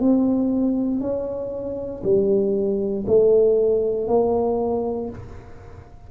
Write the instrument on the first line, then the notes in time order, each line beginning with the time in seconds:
tuba
0.00 C4
1.01 C#4
2.03 G3
3.07 A3
4.08 A#3